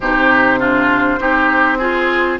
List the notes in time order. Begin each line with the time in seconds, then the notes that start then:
0.00 C3 D#4 G4 C5
0.59 D4 F4
1.19 C4 D#4 G4
1.78 F4 G#4